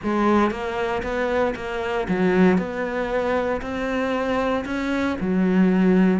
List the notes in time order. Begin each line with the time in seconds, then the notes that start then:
0.03 G#3
0.50 A#3
1.02 B3
1.55 A#3
2.08 F#3
2.57 B3
3.61 C4
4.65 C#4
5.20 F#3